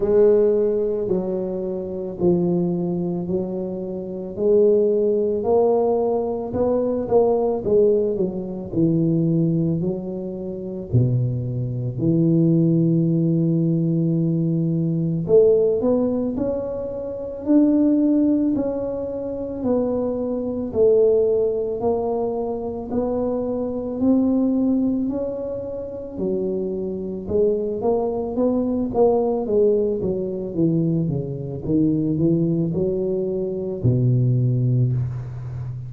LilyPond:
\new Staff \with { instrumentName = "tuba" } { \time 4/4 \tempo 4 = 55 gis4 fis4 f4 fis4 | gis4 ais4 b8 ais8 gis8 fis8 | e4 fis4 b,4 e4~ | e2 a8 b8 cis'4 |
d'4 cis'4 b4 a4 | ais4 b4 c'4 cis'4 | fis4 gis8 ais8 b8 ais8 gis8 fis8 | e8 cis8 dis8 e8 fis4 b,4 | }